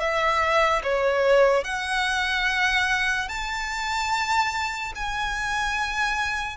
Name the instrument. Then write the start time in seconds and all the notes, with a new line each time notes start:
violin
0.00 E5
0.83 C#5
1.64 F#5
3.28 A5
4.95 G#5